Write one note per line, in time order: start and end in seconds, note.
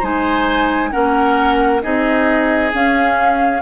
0.00 0.93 G#3
0.00 0.92 D#4
0.00 0.90 C5
0.00 0.92 G#5
0.92 1.85 A#3
0.92 1.82 C#4
0.92 1.82 A#4
0.92 1.81 F#5
1.82 2.74 C4
1.82 2.72 D#4
1.82 3.62 G#4
1.82 2.72 D#5
2.74 3.62 C#4
2.74 3.62 F5